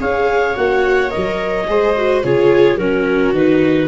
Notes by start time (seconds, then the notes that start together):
0.00 C#4 G#4 C#5 F5
0.56 A#3 F#4 F#5
1.10 A#4 D#5
1.16 F#3
1.68 G#3 G#4 C5
1.97 F#4
2.24 C#3 F4 G#4 C#5
2.78 F#3 C#4 F#4 A#4
3.34 D#3 D#4 B4